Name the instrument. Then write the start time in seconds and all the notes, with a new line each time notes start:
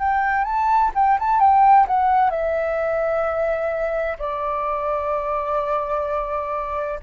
flute
0.00 G5
0.44 A5
0.95 G5
1.19 A5
1.40 G5
1.87 F#5
2.30 E5
4.19 D5